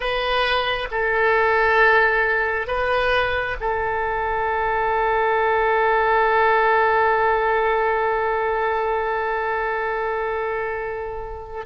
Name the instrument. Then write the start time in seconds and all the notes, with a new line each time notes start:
oboe
0.00 B4
0.91 A4
2.67 B4
3.60 A4